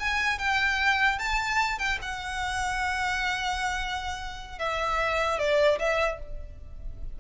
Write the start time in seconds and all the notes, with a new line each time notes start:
0.00 G#5
0.39 G5
1.19 A5
1.78 G5
2.02 F#5
4.59 E5
5.38 D5
5.79 E5